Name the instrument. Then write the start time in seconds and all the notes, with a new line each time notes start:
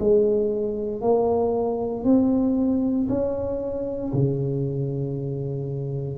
tuba
0.00 G#3
1.02 A#3
2.05 C4
3.09 C#4
4.13 C#3